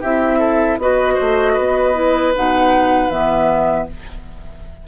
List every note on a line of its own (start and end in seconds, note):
0.00 0.77 C4
0.00 0.80 E4
0.00 0.38 G4
0.00 0.79 E5
0.38 0.77 A4
0.77 1.16 B3
0.77 1.94 F#4
0.77 1.14 B4
0.77 2.34 D#5
1.14 1.52 C5
1.20 1.58 A3
1.53 2.35 B3
1.53 3.84 B4
1.94 2.32 E4
2.35 3.09 B2
2.35 3.10 D#4
2.35 3.10 F#5
3.09 3.86 E3
3.09 3.87 B3
3.09 3.87 E5